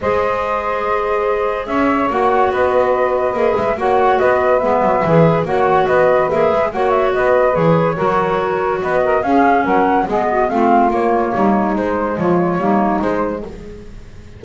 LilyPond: <<
  \new Staff \with { instrumentName = "flute" } { \time 4/4 \tempo 4 = 143 dis''1 | e''4 fis''4 dis''2~ | dis''8 e''8 fis''4 dis''4 e''4~ | e''4 fis''4 dis''4 e''4 |
fis''8 e''8 dis''4 cis''2~ | cis''4 dis''4 f''4 fis''4 | dis''4 f''4 cis''2 | c''4 cis''2 c''4 | }
  \new Staff \with { instrumentName = "saxophone" } { \time 4/4 c''1 | cis''2 b'2~ | b'4 cis''4 b'2~ | b'4 cis''4 b'2 |
cis''4 b'2 ais'4~ | ais'4 b'8 ais'8 gis'4 ais'4 | gis'8 fis'8 f'2 dis'4~ | dis'4 f'4 dis'2 | }
  \new Staff \with { instrumentName = "clarinet" } { \time 4/4 gis'1~ | gis'4 fis'2. | gis'4 fis'2 b4 | gis'4 fis'2 gis'4 |
fis'2 gis'4 fis'4~ | fis'2 cis'2 | b4 c'4 ais2 | gis2 ais4 gis4 | }
  \new Staff \with { instrumentName = "double bass" } { \time 4/4 gis1 | cis'4 ais4 b2 | ais8 gis8 ais4 b4 gis8 fis8 | e4 ais4 b4 ais8 gis8 |
ais4 b4 e4 fis4~ | fis4 b4 cis'4 fis4 | gis4 a4 ais4 g4 | gis4 f4 g4 gis4 | }
>>